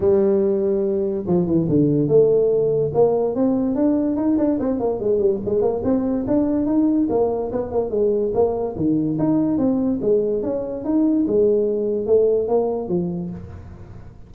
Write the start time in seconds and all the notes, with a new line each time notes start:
0.00 G3
1.26 F3
1.46 E3
1.69 D3
2.08 A3
2.94 A#3
3.35 C4
3.75 D4
4.16 D#4
4.37 D4
4.59 C4
4.79 A#3
5.00 G#3
5.18 G3
5.45 G#3
5.61 A#3
5.84 C4
6.27 D4
6.66 D#4
7.09 A#3
7.52 B3
7.71 A#3
7.90 G#3
8.34 A#3
8.75 D#3
9.19 D#4
9.58 C4
10.01 G#3
10.43 C#4
10.84 D#4
11.27 G#3
12.06 A3
12.48 A#3
12.88 F3